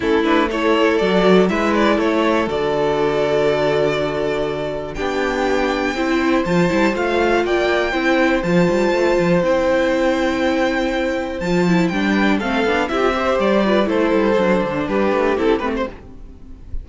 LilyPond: <<
  \new Staff \with { instrumentName = "violin" } { \time 4/4 \tempo 4 = 121 a'8 b'8 cis''4 d''4 e''8 d''8 | cis''4 d''2.~ | d''2 g''2~ | g''4 a''4 f''4 g''4~ |
g''4 a''2 g''4~ | g''2. a''4 | g''4 f''4 e''4 d''4 | c''2 b'4 a'8 b'16 c''16 | }
  \new Staff \with { instrumentName = "violin" } { \time 4/4 e'4 a'2 b'4 | a'1~ | a'2 g'2 | c''2. d''4 |
c''1~ | c''1~ | c''8 b'8 a'4 g'8 c''4 b'8 | a'2 g'2 | }
  \new Staff \with { instrumentName = "viola" } { \time 4/4 cis'8 d'8 e'4 fis'4 e'4~ | e'4 fis'2.~ | fis'2 d'2 | e'4 f'8 e'8 f'2 |
e'4 f'2 e'4~ | e'2. f'8 e'8 | d'4 c'8 d'8 e'16 f'16 g'4 f'8 | e'4 d'2 e'8 c'8 | }
  \new Staff \with { instrumentName = "cello" } { \time 4/4 a2 fis4 gis4 | a4 d2.~ | d2 b2 | c'4 f8 g8 a4 ais4 |
c'4 f8 g8 a8 f8 c'4~ | c'2. f4 | g4 a8 b8 c'4 g4 | a8 g8 fis8 d8 g8 a8 c'8 a8 | }
>>